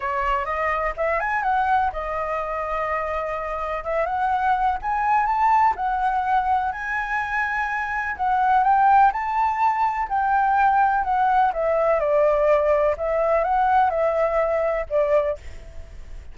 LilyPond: \new Staff \with { instrumentName = "flute" } { \time 4/4 \tempo 4 = 125 cis''4 dis''4 e''8 gis''8 fis''4 | dis''1 | e''8 fis''4. gis''4 a''4 | fis''2 gis''2~ |
gis''4 fis''4 g''4 a''4~ | a''4 g''2 fis''4 | e''4 d''2 e''4 | fis''4 e''2 d''4 | }